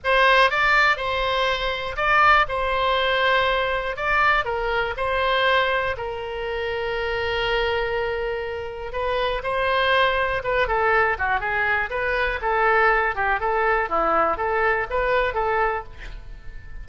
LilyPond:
\new Staff \with { instrumentName = "oboe" } { \time 4/4 \tempo 4 = 121 c''4 d''4 c''2 | d''4 c''2. | d''4 ais'4 c''2 | ais'1~ |
ais'2 b'4 c''4~ | c''4 b'8 a'4 fis'8 gis'4 | b'4 a'4. g'8 a'4 | e'4 a'4 b'4 a'4 | }